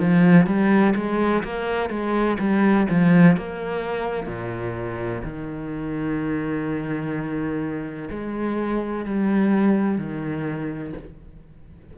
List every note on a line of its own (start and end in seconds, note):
0.00 0.47 F3
0.47 0.94 G3
0.96 1.44 G#3
1.44 1.90 A#3
1.90 2.38 G#3
2.40 2.87 G3
2.90 3.37 F3
3.37 4.27 A#3
4.27 5.23 A#2
5.24 8.10 D#3
8.11 9.06 G#3
9.06 9.99 G3
9.99 10.94 D#3